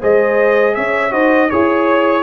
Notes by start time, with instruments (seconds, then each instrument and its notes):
0.00 tuba G#3, trombone G#4, horn C5, trumpet D#5
0.75 tuba C#4, horn C#5, trumpet E5
1.10 tuba D#4, trombone F#4, horn C5, trumpet D#5
1.49 tuba E4, trombone G#4, horn C#5, trumpet C#5